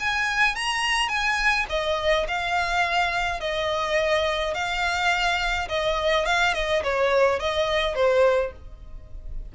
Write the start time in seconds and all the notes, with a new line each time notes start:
0.00 G#5
0.55 A#5
1.09 G#5
1.70 D#5
2.28 F5
3.41 D#5
4.54 F5
5.69 D#5
6.26 F5
6.54 D#5
6.83 C#5
7.39 D#5
7.95 C5